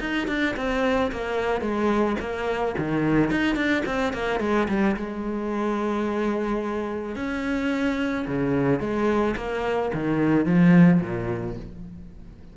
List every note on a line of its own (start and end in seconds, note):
0.00 0.28 D#4
0.28 0.55 D4
0.57 1.12 C4
1.12 1.61 A#3
1.61 2.16 G#3
2.20 2.75 A#3
2.78 3.31 D#3
3.31 3.56 D#4
3.56 3.83 D4
3.86 4.13 C4
4.13 4.40 A#3
4.40 4.68 G#3
4.69 4.96 G3
4.97 7.16 G#3
7.16 8.26 C#4
8.27 8.80 C#3
8.80 9.35 G#3
9.37 9.92 A#3
9.94 10.46 D#3
10.46 11.01 F3
11.01 11.56 A#2